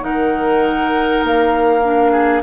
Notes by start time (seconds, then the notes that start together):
0.00 D#3 D#4 A#4 F#5
1.23 A#3 F5
1.83 D4
2.11 G#4